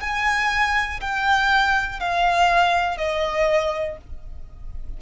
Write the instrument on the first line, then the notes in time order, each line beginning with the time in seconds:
violin
0.00 G#5
1.00 G5
2.00 F5
2.98 D#5